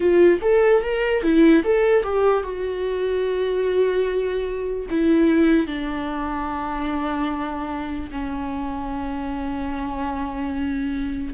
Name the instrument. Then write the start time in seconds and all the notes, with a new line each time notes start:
viola
0.00 F4
0.41 A4
0.82 A#4
1.22 E4
1.64 A4
2.03 G4
2.43 F#4
4.90 E4
5.66 D4
8.11 C#4